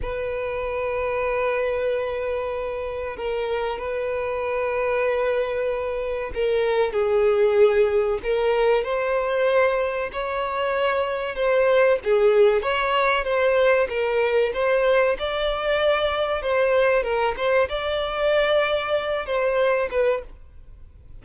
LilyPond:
\new Staff \with { instrumentName = "violin" } { \time 4/4 \tempo 4 = 95 b'1~ | b'4 ais'4 b'2~ | b'2 ais'4 gis'4~ | gis'4 ais'4 c''2 |
cis''2 c''4 gis'4 | cis''4 c''4 ais'4 c''4 | d''2 c''4 ais'8 c''8 | d''2~ d''8 c''4 b'8 | }